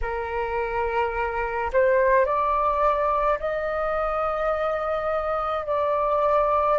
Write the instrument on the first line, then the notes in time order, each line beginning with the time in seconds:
flute
0.01 A#4
1.72 C5
2.25 D5
3.39 D#5
5.66 D5